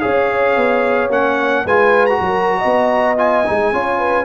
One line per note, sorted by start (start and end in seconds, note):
0.00 0.56 C#4
0.00 1.10 G#4
0.00 1.65 C#5
0.00 1.10 F5
0.56 1.10 B3
1.10 1.65 A#3
1.10 1.65 C#4
1.10 1.67 F#5
1.65 2.20 G#3
1.65 2.09 F4
1.65 2.20 B4
1.65 2.06 G#5
2.06 3.17 F#4
2.06 3.16 A#5
2.21 2.62 F#3
2.21 2.58 A#4
2.58 3.68 D#5
2.65 3.47 B3
3.17 3.44 F4
3.17 4.25 G#5
3.46 3.73 G#3
3.46 3.74 D#4
3.72 4.25 C#4
3.72 4.25 F4
3.72 3.99 C#5
3.99 4.25 B4